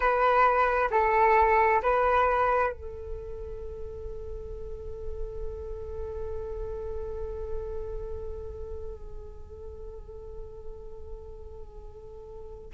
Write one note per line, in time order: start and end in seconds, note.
0.00 0.89 B4
0.90 1.81 A4
1.82 2.72 B4
2.72 12.72 A4